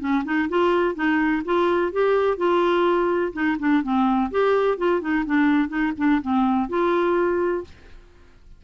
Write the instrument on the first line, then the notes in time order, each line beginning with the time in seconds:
clarinet
0.00 C#4
0.25 D#4
0.50 F4
0.95 D#4
1.46 F4
1.93 G4
2.38 F4
3.34 D#4
3.60 D4
3.83 C4
4.31 G4
4.78 F4
5.01 D#4
5.26 D4
5.69 D#4
5.98 D4
6.22 C4
6.70 F4